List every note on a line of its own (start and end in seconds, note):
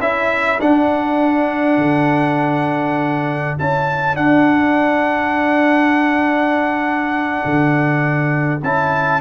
0.00 0.59 C#4
0.00 0.60 E4
0.00 9.21 A4
0.00 0.60 E5
0.60 1.78 D4
0.60 3.59 D4
0.60 3.58 F#5
1.78 3.56 D3
3.59 4.16 C#4
3.59 4.15 E4
3.59 4.16 A5
4.15 8.60 D4
4.15 7.43 D4
4.15 8.62 F#5
7.46 8.63 D3
8.63 9.21 C#4
8.63 9.21 E4
8.63 9.21 A5